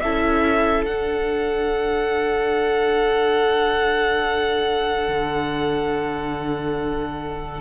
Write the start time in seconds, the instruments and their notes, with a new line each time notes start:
0.00 cello C#4, viola E4, violin A4 E5
0.85 viola D4, cello D4, violin F#5
5.08 cello D3